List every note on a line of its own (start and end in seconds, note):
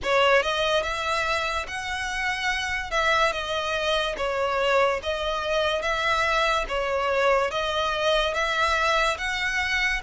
0.03 0.42 C#5
0.42 0.83 D#5
0.83 1.66 E5
1.67 2.90 F#5
2.90 3.32 E5
3.32 4.15 D#5
4.17 5.00 C#5
5.02 5.81 D#5
5.81 6.65 E5
6.68 7.50 C#5
7.50 8.33 D#5
8.33 9.17 E5
9.18 10.01 F#5